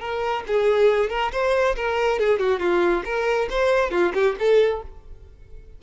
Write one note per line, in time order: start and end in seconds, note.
0.00 0.43 A#4
0.47 1.10 G#4
1.10 1.31 A#4
1.32 1.75 C5
1.76 2.19 A#4
2.19 2.39 G#4
2.39 2.59 F#4
2.59 3.03 F4
3.05 3.48 A#4
3.50 3.91 C5
3.91 4.12 F4
4.14 4.36 G4
4.39 4.82 A4